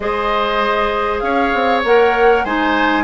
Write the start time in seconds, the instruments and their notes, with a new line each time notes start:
0.00 bassoon G#3, clarinet G#4, oboe C5, flute D#5
1.19 bassoon C#4, oboe C#5, flute F5
1.53 bassoon C4
1.83 bassoon A#3, clarinet A#4, flute F#5
2.44 bassoon G#3, clarinet D#4, oboe C5, flute G#5